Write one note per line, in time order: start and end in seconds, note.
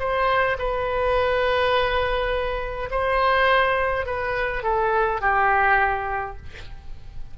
0.00 0.58 C5
0.59 2.90 B4
2.91 4.06 C5
4.06 4.64 B4
4.64 5.21 A4
5.21 6.37 G4